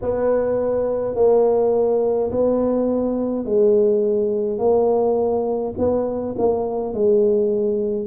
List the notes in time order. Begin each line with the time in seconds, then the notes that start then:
0.01 B3
1.15 A#3
2.31 B3
3.45 G#3
4.58 A#3
5.77 B3
6.38 A#3
6.93 G#3